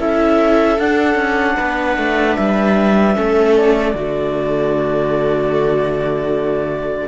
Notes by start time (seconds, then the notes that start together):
0.00 C#4 E4 A4 E5
0.79 D4 F#5
1.15 C#4
1.59 B3 B4
1.98 A3
2.36 G3 E5
3.15 A3 C#4 A4
3.56 D5
3.94 D3 A3 F#4